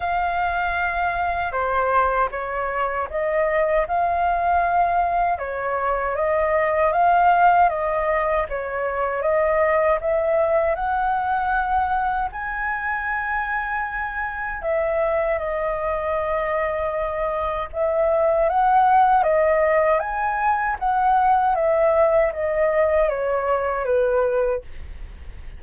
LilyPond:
\new Staff \with { instrumentName = "flute" } { \time 4/4 \tempo 4 = 78 f''2 c''4 cis''4 | dis''4 f''2 cis''4 | dis''4 f''4 dis''4 cis''4 | dis''4 e''4 fis''2 |
gis''2. e''4 | dis''2. e''4 | fis''4 dis''4 gis''4 fis''4 | e''4 dis''4 cis''4 b'4 | }